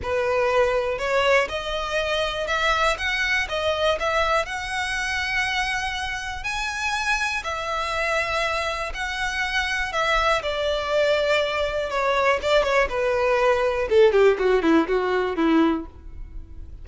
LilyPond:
\new Staff \with { instrumentName = "violin" } { \time 4/4 \tempo 4 = 121 b'2 cis''4 dis''4~ | dis''4 e''4 fis''4 dis''4 | e''4 fis''2.~ | fis''4 gis''2 e''4~ |
e''2 fis''2 | e''4 d''2. | cis''4 d''8 cis''8 b'2 | a'8 g'8 fis'8 e'8 fis'4 e'4 | }